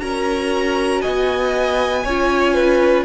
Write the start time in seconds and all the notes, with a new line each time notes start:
0.00 C#4 F#4 A#4 A#5
1.01 B3 D#5 G#5
2.04 C#4 F4 C#5
2.54 B4